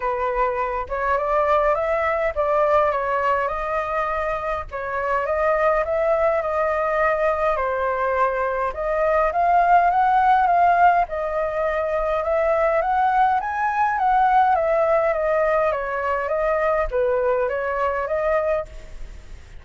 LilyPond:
\new Staff \with { instrumentName = "flute" } { \time 4/4 \tempo 4 = 103 b'4. cis''8 d''4 e''4 | d''4 cis''4 dis''2 | cis''4 dis''4 e''4 dis''4~ | dis''4 c''2 dis''4 |
f''4 fis''4 f''4 dis''4~ | dis''4 e''4 fis''4 gis''4 | fis''4 e''4 dis''4 cis''4 | dis''4 b'4 cis''4 dis''4 | }